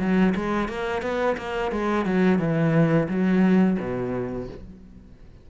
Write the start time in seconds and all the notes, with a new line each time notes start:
0.00 F#3
0.35 G#3
0.69 A#3
1.03 B3
1.38 A#3
1.72 G#3
2.06 F#3
2.39 E3
3.09 F#3
3.80 B2